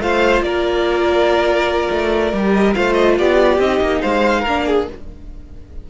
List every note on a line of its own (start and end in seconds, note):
0.00 0.41 A3
0.00 2.33 F4
0.00 0.45 C5
0.00 0.43 F5
0.41 1.89 A#3
0.41 2.76 A#4
0.41 2.53 D5
1.91 2.33 A3
2.33 2.75 G3
2.33 2.75 G4
2.53 2.74 D#5
2.74 3.19 A3
2.74 3.59 F4
2.74 3.18 C5
2.74 2.93 F5
2.93 3.14 D#5
3.18 3.59 B3
3.18 4.01 G4
3.18 3.60 D5
3.59 3.80 C4
3.59 4.46 D#4
3.59 4.02 D#5
3.81 4.02 A#3
4.01 4.46 G#3
4.01 4.41 C5
4.01 4.86 F5
4.41 4.88 A#3
4.41 4.62 A#4
4.48 4.90 D4
4.67 4.88 G#4